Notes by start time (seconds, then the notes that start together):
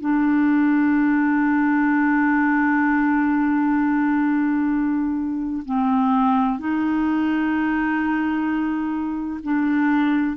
0.00 D4
5.65 C4
6.58 D#4
9.43 D4